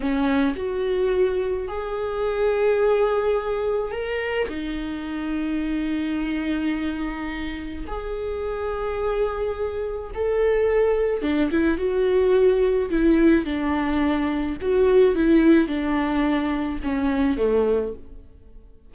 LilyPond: \new Staff \with { instrumentName = "viola" } { \time 4/4 \tempo 4 = 107 cis'4 fis'2 gis'4~ | gis'2. ais'4 | dis'1~ | dis'2 gis'2~ |
gis'2 a'2 | d'8 e'8 fis'2 e'4 | d'2 fis'4 e'4 | d'2 cis'4 a4 | }